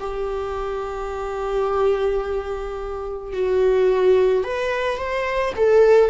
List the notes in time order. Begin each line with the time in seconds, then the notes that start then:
0.00 G4
3.33 F#4
4.44 B4
4.97 C5
5.57 A4